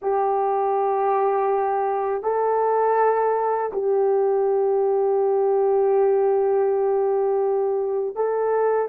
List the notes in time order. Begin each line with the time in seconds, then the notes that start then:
0.02 G4
2.23 A4
3.72 G4
8.15 A4